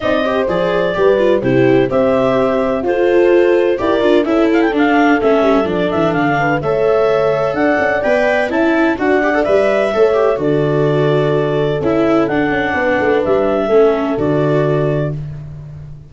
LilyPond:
<<
  \new Staff \with { instrumentName = "clarinet" } { \time 4/4 \tempo 4 = 127 dis''4 d''2 c''4 | e''2 c''2 | d''4 e''8 f''16 g''16 f''4 e''4 | d''8 e''8 f''4 e''2 |
fis''4 g''4 a''4 fis''4 | e''2 d''2~ | d''4 e''4 fis''2 | e''2 d''2 | }
  \new Staff \with { instrumentName = "horn" } { \time 4/4 d''8 c''4. b'4 g'4 | c''2 a'2 | ais'4 a'2.~ | a'4. b'8 cis''2 |
d''2 e''4 d''4~ | d''4 cis''4 a'2~ | a'2. b'4~ | b'4 a'2. | }
  \new Staff \with { instrumentName = "viola" } { \time 4/4 dis'8 g'8 gis'4 g'8 f'8 e'4 | g'2 f'2 | g'8 f'8 e'4 d'4 cis'4 | d'2 a'2~ |
a'4 b'4 e'4 fis'8 g'16 a'16 | b'4 a'8 g'8 fis'2~ | fis'4 e'4 d'2~ | d'4 cis'4 fis'2 | }
  \new Staff \with { instrumentName = "tuba" } { \time 4/4 c'4 f4 g4 c4 | c'2 f'2 | e'8 d'8 cis'4 d'4 a8 g8 | f8 e8 d4 a2 |
d'8 cis'8 b4 cis'4 d'4 | g4 a4 d2~ | d4 cis'4 d'8 cis'8 b8 a8 | g4 a4 d2 | }
>>